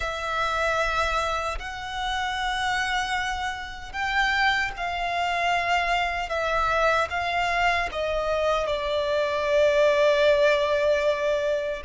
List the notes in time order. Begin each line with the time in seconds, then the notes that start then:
0.00 E5
1.59 F#5
3.92 G5
4.76 F5
6.29 E5
7.10 F5
7.92 D#5
8.66 D5